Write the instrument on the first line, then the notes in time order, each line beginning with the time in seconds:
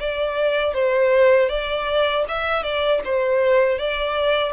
violin
0.00 D5
0.74 C5
1.49 D5
2.29 E5
2.63 D5
3.05 C5
3.79 D5